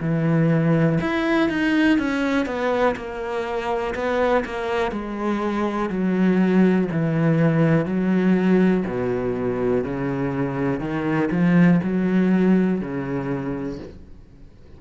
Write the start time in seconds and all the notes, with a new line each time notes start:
0.00 E3
1.01 E4
1.48 D#4
1.98 C#4
2.46 B3
2.96 A#3
3.94 B3
4.45 A#3
4.91 G#3
5.89 F#3
6.91 E3
7.85 F#3
8.86 B2
9.84 C#3
10.80 D#3
11.31 F3
11.83 F#3
12.80 C#3